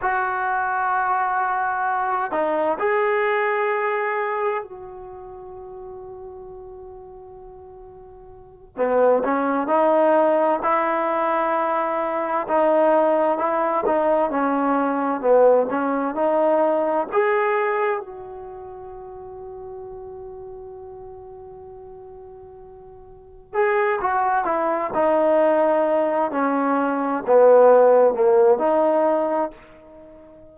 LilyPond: \new Staff \with { instrumentName = "trombone" } { \time 4/4 \tempo 4 = 65 fis'2~ fis'8 dis'8 gis'4~ | gis'4 fis'2.~ | fis'4. b8 cis'8 dis'4 e'8~ | e'4. dis'4 e'8 dis'8 cis'8~ |
cis'8 b8 cis'8 dis'4 gis'4 fis'8~ | fis'1~ | fis'4. gis'8 fis'8 e'8 dis'4~ | dis'8 cis'4 b4 ais8 dis'4 | }